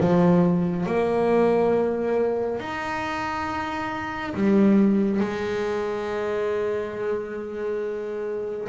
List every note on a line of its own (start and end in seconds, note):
0.00 0.86 F3
0.86 2.60 A#3
2.60 4.34 D#4
4.34 5.20 G3
5.20 8.68 G#3